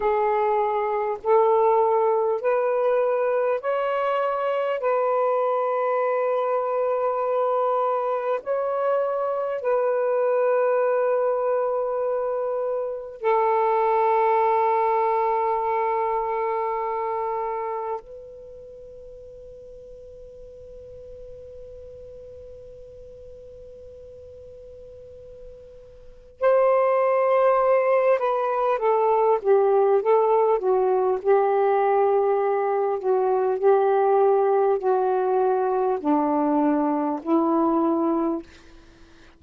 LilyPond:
\new Staff \with { instrumentName = "saxophone" } { \time 4/4 \tempo 4 = 50 gis'4 a'4 b'4 cis''4 | b'2. cis''4 | b'2. a'4~ | a'2. b'4~ |
b'1~ | b'2 c''4. b'8 | a'8 g'8 a'8 fis'8 g'4. fis'8 | g'4 fis'4 d'4 e'4 | }